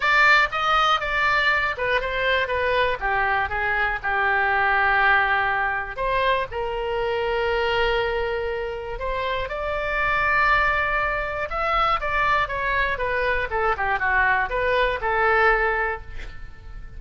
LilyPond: \new Staff \with { instrumentName = "oboe" } { \time 4/4 \tempo 4 = 120 d''4 dis''4 d''4. b'8 | c''4 b'4 g'4 gis'4 | g'1 | c''4 ais'2.~ |
ais'2 c''4 d''4~ | d''2. e''4 | d''4 cis''4 b'4 a'8 g'8 | fis'4 b'4 a'2 | }